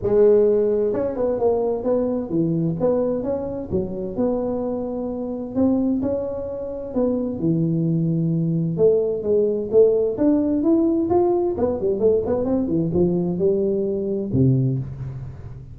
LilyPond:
\new Staff \with { instrumentName = "tuba" } { \time 4/4 \tempo 4 = 130 gis2 cis'8 b8 ais4 | b4 e4 b4 cis'4 | fis4 b2. | c'4 cis'2 b4 |
e2. a4 | gis4 a4 d'4 e'4 | f'4 b8 g8 a8 b8 c'8 e8 | f4 g2 c4 | }